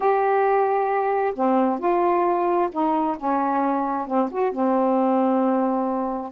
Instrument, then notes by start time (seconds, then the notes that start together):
saxophone
0.00 G4
1.34 C4
1.79 F4
2.71 D#4
3.17 C#4
4.07 C4
4.31 F#4
4.52 C4